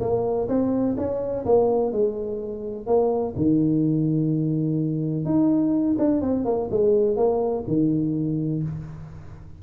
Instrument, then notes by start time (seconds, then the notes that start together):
tuba
0.00 A#3
0.48 C4
0.97 C#4
1.45 A#3
1.92 G#3
2.86 A#3
3.36 D#3
5.25 D#4
5.98 D4
6.21 C4
6.45 A#3
6.70 G#3
7.16 A#3
7.67 D#3